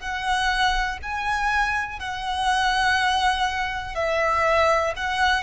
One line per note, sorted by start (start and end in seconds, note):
0.00 0.98 F#5
1.02 1.99 G#5
1.99 3.95 F#5
3.95 4.94 E5
4.96 5.43 F#5